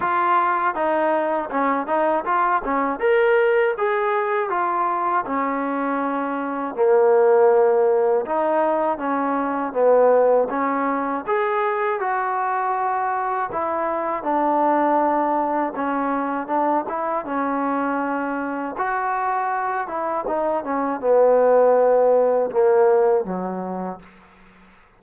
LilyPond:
\new Staff \with { instrumentName = "trombone" } { \time 4/4 \tempo 4 = 80 f'4 dis'4 cis'8 dis'8 f'8 cis'8 | ais'4 gis'4 f'4 cis'4~ | cis'4 ais2 dis'4 | cis'4 b4 cis'4 gis'4 |
fis'2 e'4 d'4~ | d'4 cis'4 d'8 e'8 cis'4~ | cis'4 fis'4. e'8 dis'8 cis'8 | b2 ais4 fis4 | }